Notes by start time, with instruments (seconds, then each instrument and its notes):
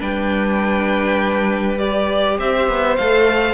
0.00 cello G3, viola D4, violin B4 G5
1.79 viola G4, violin D5
2.39 cello C4, violin C5 E5
2.69 cello B3
2.97 cello A3, viola A4, violin F5